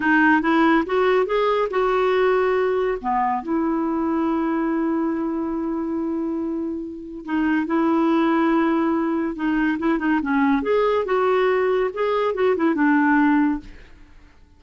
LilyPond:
\new Staff \with { instrumentName = "clarinet" } { \time 4/4 \tempo 4 = 141 dis'4 e'4 fis'4 gis'4 | fis'2. b4 | e'1~ | e'1~ |
e'4 dis'4 e'2~ | e'2 dis'4 e'8 dis'8 | cis'4 gis'4 fis'2 | gis'4 fis'8 e'8 d'2 | }